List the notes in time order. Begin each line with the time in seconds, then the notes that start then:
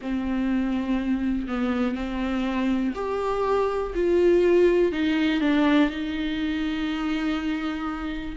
0.01 C4
1.47 B3
1.95 C4
2.94 G4
3.94 F4
4.92 D#4
5.40 D4
5.90 D#4